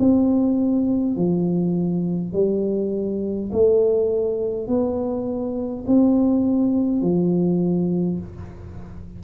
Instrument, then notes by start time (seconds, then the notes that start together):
tuba
0.00 C4
1.17 F3
2.33 G3
3.52 A3
4.67 B3
5.87 C4
7.02 F3